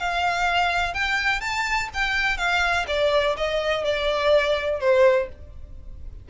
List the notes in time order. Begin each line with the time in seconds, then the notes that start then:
0.00 F5
0.94 G5
1.41 A5
1.94 G5
2.38 F5
2.88 D5
3.37 D#5
3.84 D5
4.81 C5